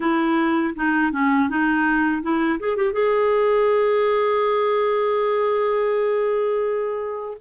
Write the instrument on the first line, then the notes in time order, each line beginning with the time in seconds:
clarinet
0.00 E4
0.75 D#4
1.11 C#4
1.49 D#4
2.22 E4
2.59 G#4
2.76 G4
2.93 G#4